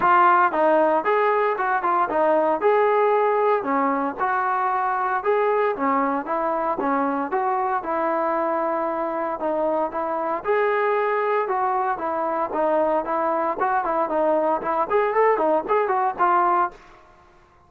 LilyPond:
\new Staff \with { instrumentName = "trombone" } { \time 4/4 \tempo 4 = 115 f'4 dis'4 gis'4 fis'8 f'8 | dis'4 gis'2 cis'4 | fis'2 gis'4 cis'4 | e'4 cis'4 fis'4 e'4~ |
e'2 dis'4 e'4 | gis'2 fis'4 e'4 | dis'4 e'4 fis'8 e'8 dis'4 | e'8 gis'8 a'8 dis'8 gis'8 fis'8 f'4 | }